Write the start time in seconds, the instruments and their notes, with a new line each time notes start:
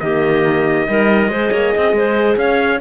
0.00 cello D#3, horn A#3, clarinet G4, trumpet D#5
0.87 cello G3, horn D#4, clarinet A#4
1.29 cello G#3, horn G#4, clarinet C5
1.52 cello A#3, clarinet C#5
1.74 cello C4, clarinet D#5
1.93 cello G#3, clarinet C5
2.37 cello C#4, clarinet C#5, trumpet F5